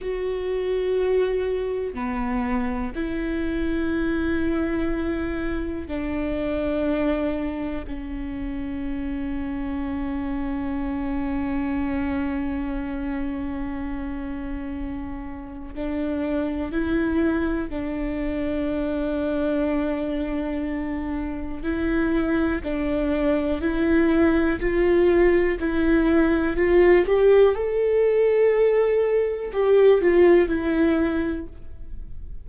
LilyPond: \new Staff \with { instrumentName = "viola" } { \time 4/4 \tempo 4 = 61 fis'2 b4 e'4~ | e'2 d'2 | cis'1~ | cis'1 |
d'4 e'4 d'2~ | d'2 e'4 d'4 | e'4 f'4 e'4 f'8 g'8 | a'2 g'8 f'8 e'4 | }